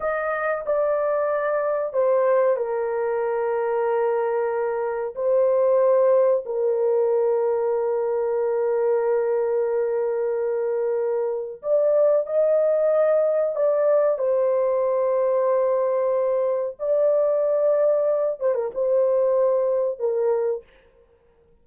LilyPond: \new Staff \with { instrumentName = "horn" } { \time 4/4 \tempo 4 = 93 dis''4 d''2 c''4 | ais'1 | c''2 ais'2~ | ais'1~ |
ais'2 d''4 dis''4~ | dis''4 d''4 c''2~ | c''2 d''2~ | d''8 c''16 ais'16 c''2 ais'4 | }